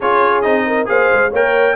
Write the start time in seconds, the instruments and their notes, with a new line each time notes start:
0.00 tuba C#4, trombone F4, horn G#4, trumpet C#5
0.41 tuba C4, trombone D#4, trumpet D#5
0.66 horn A#4
0.85 tuba A#3, trombone G#4, horn C5, trumpet F5
1.12 tuba G#3
1.30 tuba A#3, trombone A#4, horn C#5, trumpet G5